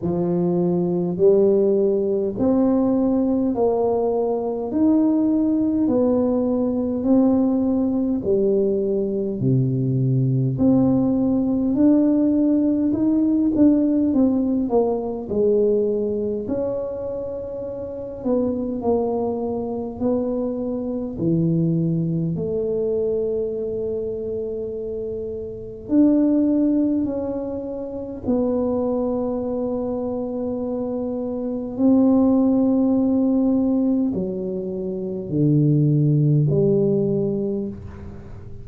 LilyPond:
\new Staff \with { instrumentName = "tuba" } { \time 4/4 \tempo 4 = 51 f4 g4 c'4 ais4 | dis'4 b4 c'4 g4 | c4 c'4 d'4 dis'8 d'8 | c'8 ais8 gis4 cis'4. b8 |
ais4 b4 e4 a4~ | a2 d'4 cis'4 | b2. c'4~ | c'4 fis4 d4 g4 | }